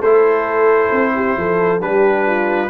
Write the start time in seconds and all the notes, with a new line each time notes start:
0.00 A3 E4 A4 C5
0.92 C4
1.15 G4
1.37 F3 A4
1.80 G3 D4 G4 B4
2.27 F4